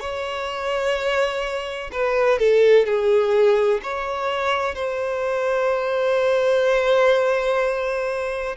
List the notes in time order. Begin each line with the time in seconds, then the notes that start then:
0.00 C#5
1.92 B4
2.39 A4
2.86 G#4
3.83 C#5
4.75 C5